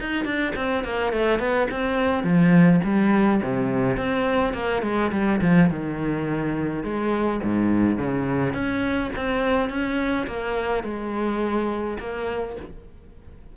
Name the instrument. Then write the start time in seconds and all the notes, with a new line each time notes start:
cello
0.00 D#4
0.24 D4
0.55 C4
0.84 A#3
1.12 A3
1.39 B3
1.70 C4
2.23 F3
2.84 G3
3.43 C3
3.96 C4
4.53 A#3
4.82 G#3
5.11 G3
5.41 F3
5.69 D#3
6.83 G#3
7.43 G#2
7.97 C#3
8.53 C#4
9.15 C4
9.69 C#4
10.26 A#3
10.83 G#3
11.99 A#3